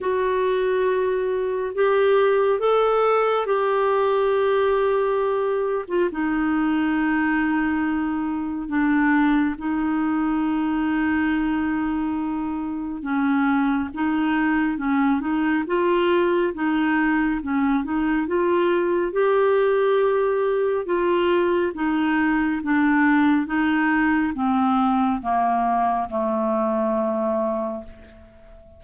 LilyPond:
\new Staff \with { instrumentName = "clarinet" } { \time 4/4 \tempo 4 = 69 fis'2 g'4 a'4 | g'2~ g'8. f'16 dis'4~ | dis'2 d'4 dis'4~ | dis'2. cis'4 |
dis'4 cis'8 dis'8 f'4 dis'4 | cis'8 dis'8 f'4 g'2 | f'4 dis'4 d'4 dis'4 | c'4 ais4 a2 | }